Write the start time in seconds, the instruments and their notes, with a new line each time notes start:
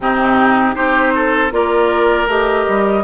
0.00 bassoon C3, clarinet C4, oboe D#4, flute G4
0.75 bassoon C4, clarinet D#4, oboe G4, flute C5
1.15 oboe A4
1.51 bassoon A#3, clarinet F4, oboe A#4, flute D5
2.27 bassoon A3, clarinet G4, flute D#5
2.68 bassoon G3